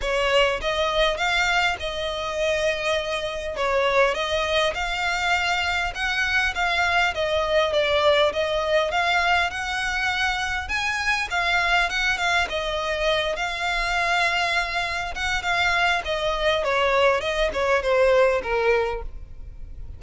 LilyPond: \new Staff \with { instrumentName = "violin" } { \time 4/4 \tempo 4 = 101 cis''4 dis''4 f''4 dis''4~ | dis''2 cis''4 dis''4 | f''2 fis''4 f''4 | dis''4 d''4 dis''4 f''4 |
fis''2 gis''4 f''4 | fis''8 f''8 dis''4. f''4.~ | f''4. fis''8 f''4 dis''4 | cis''4 dis''8 cis''8 c''4 ais'4 | }